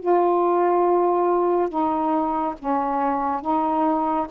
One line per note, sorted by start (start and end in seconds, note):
0.00 1.69 F4
1.69 2.55 D#4
2.59 3.41 C#4
3.41 4.27 D#4